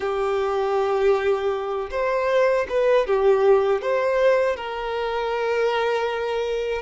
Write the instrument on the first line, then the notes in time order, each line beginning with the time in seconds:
violin
0.00 G4
1.91 C5
2.69 B4
3.07 G4
3.81 C5
4.56 A#4